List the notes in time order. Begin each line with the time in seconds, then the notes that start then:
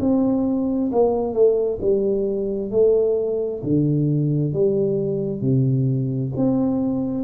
0.00 C4
0.92 A#3
1.33 A3
1.81 G3
2.71 A3
3.63 D3
4.53 G3
5.41 C3
6.36 C4